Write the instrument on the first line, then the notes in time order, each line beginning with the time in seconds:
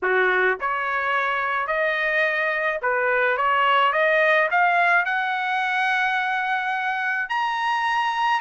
trumpet
0.02 F#4
0.60 C#5
1.67 D#5
2.82 B4
3.37 C#5
3.93 D#5
4.50 F5
5.05 F#5
7.29 A#5